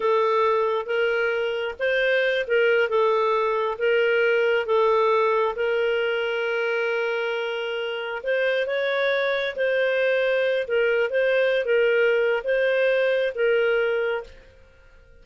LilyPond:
\new Staff \with { instrumentName = "clarinet" } { \time 4/4 \tempo 4 = 135 a'2 ais'2 | c''4. ais'4 a'4.~ | a'8 ais'2 a'4.~ | a'8 ais'2.~ ais'8~ |
ais'2~ ais'8 c''4 cis''8~ | cis''4. c''2~ c''8 | ais'4 c''4~ c''16 ais'4.~ ais'16 | c''2 ais'2 | }